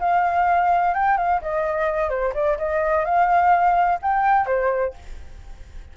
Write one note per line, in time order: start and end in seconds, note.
0.00 0.94 F5
0.94 1.17 G5
1.17 1.41 F5
1.42 2.10 D#5
2.10 2.34 C5
2.35 2.58 D5
2.58 3.05 D#5
3.05 4.00 F5
4.02 4.46 G5
4.46 4.94 C5